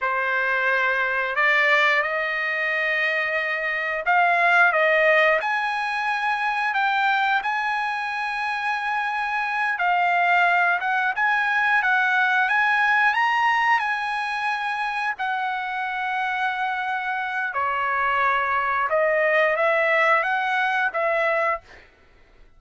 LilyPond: \new Staff \with { instrumentName = "trumpet" } { \time 4/4 \tempo 4 = 89 c''2 d''4 dis''4~ | dis''2 f''4 dis''4 | gis''2 g''4 gis''4~ | gis''2~ gis''8 f''4. |
fis''8 gis''4 fis''4 gis''4 ais''8~ | ais''8 gis''2 fis''4.~ | fis''2 cis''2 | dis''4 e''4 fis''4 e''4 | }